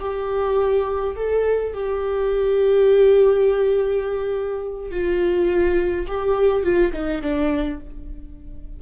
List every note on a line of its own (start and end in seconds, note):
0.00 1.15 G4
1.16 1.73 A4
1.74 4.91 G4
4.91 6.07 F4
6.08 6.63 G4
6.63 6.92 F4
6.93 7.22 D#4
7.22 7.80 D4